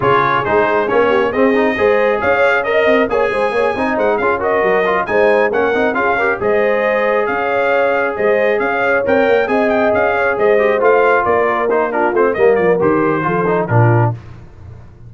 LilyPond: <<
  \new Staff \with { instrumentName = "trumpet" } { \time 4/4 \tempo 4 = 136 cis''4 c''4 cis''4 dis''4~ | dis''4 f''4 dis''4 gis''4~ | gis''4 fis''8 f''8 dis''4. gis''8~ | gis''8 fis''4 f''4 dis''4.~ |
dis''8 f''2 dis''4 f''8~ | f''8 g''4 gis''8 g''8 f''4 dis''8~ | dis''8 f''4 d''4 c''8 ais'8 c''8 | dis''8 d''8 c''2 ais'4 | }
  \new Staff \with { instrumentName = "horn" } { \time 4/4 gis'2~ gis'8 g'8 gis'4 | c''4 cis''4 dis''4 cis''8 c''8 | cis''8 dis''8 c''8 gis'8 ais'4. c''8~ | c''8 ais'4 gis'8 ais'8 c''4.~ |
c''8 cis''2 c''4 cis''8~ | cis''4. dis''4. cis''8 c''8~ | c''4. ais'4. f'4 | ais'2 a'4 f'4 | }
  \new Staff \with { instrumentName = "trombone" } { \time 4/4 f'4 dis'4 cis'4 c'8 dis'8 | gis'2 ais'4 gis'4~ | gis'8 dis'4 f'8 fis'4 f'8 dis'8~ | dis'8 cis'8 dis'8 f'8 g'8 gis'4.~ |
gis'1~ | gis'8 ais'4 gis'2~ gis'8 | g'8 f'2 dis'8 d'8 c'8 | ais4 g'4 f'8 dis'8 d'4 | }
  \new Staff \with { instrumentName = "tuba" } { \time 4/4 cis4 gis4 ais4 c'4 | gis4 cis'4. c'8 ais8 gis8 | ais8 c'8 gis8 cis'4 fis4 gis8~ | gis8 ais8 c'8 cis'4 gis4.~ |
gis8 cis'2 gis4 cis'8~ | cis'8 c'8 ais8 c'4 cis'4 gis8~ | gis8 a4 ais2 a8 | g8 f8 dis4 f4 ais,4 | }
>>